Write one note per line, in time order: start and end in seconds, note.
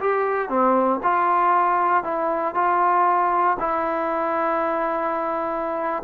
0.00 0.49 G4
0.49 1.00 C4
1.03 2.04 F4
2.04 2.55 E4
2.55 3.57 F4
3.59 6.03 E4